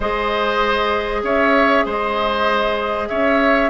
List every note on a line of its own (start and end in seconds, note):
0.00 1.23 G#3
0.00 3.70 G#4
0.00 1.21 C5
0.00 1.24 D#5
1.23 1.85 C#4
1.23 1.85 C#5
1.23 1.86 E5
1.85 3.09 G#3
1.85 3.09 C5
1.85 3.08 D#5
3.08 3.70 C#4
3.08 3.70 C#5
3.08 3.70 E5